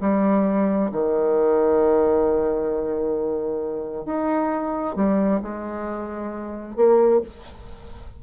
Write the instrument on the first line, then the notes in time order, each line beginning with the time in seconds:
bassoon
0.00 G3
0.91 D#3
4.05 D#4
4.95 G3
5.41 G#3
6.75 A#3